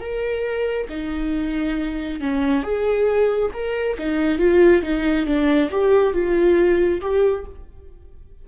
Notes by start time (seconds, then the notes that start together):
0.00 A#4
0.89 D#4
2.20 C#4
2.63 G#4
3.53 A#4
3.98 D#4
4.38 F4
4.82 D#4
5.26 D4
5.71 G4
6.13 F4
7.01 G4